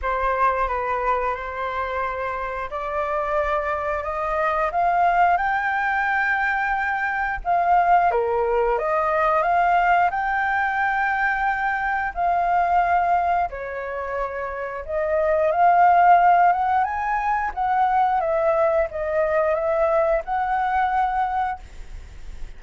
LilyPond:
\new Staff \with { instrumentName = "flute" } { \time 4/4 \tempo 4 = 89 c''4 b'4 c''2 | d''2 dis''4 f''4 | g''2. f''4 | ais'4 dis''4 f''4 g''4~ |
g''2 f''2 | cis''2 dis''4 f''4~ | f''8 fis''8 gis''4 fis''4 e''4 | dis''4 e''4 fis''2 | }